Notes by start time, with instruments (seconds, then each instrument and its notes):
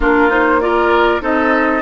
0.00 bassoon A#3, clarinet D4, oboe F4, flute A#4
0.29 clarinet D#4, flute C5
0.60 clarinet F4, oboe A#4, flute D5
1.20 bassoon C4, clarinet D#4, oboe A4, flute D#5